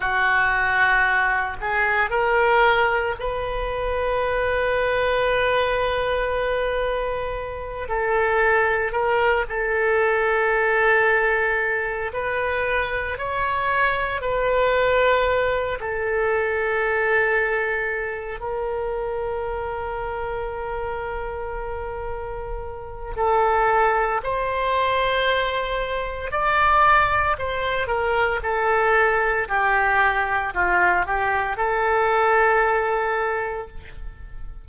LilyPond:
\new Staff \with { instrumentName = "oboe" } { \time 4/4 \tempo 4 = 57 fis'4. gis'8 ais'4 b'4~ | b'2.~ b'8 a'8~ | a'8 ais'8 a'2~ a'8 b'8~ | b'8 cis''4 b'4. a'4~ |
a'4. ais'2~ ais'8~ | ais'2 a'4 c''4~ | c''4 d''4 c''8 ais'8 a'4 | g'4 f'8 g'8 a'2 | }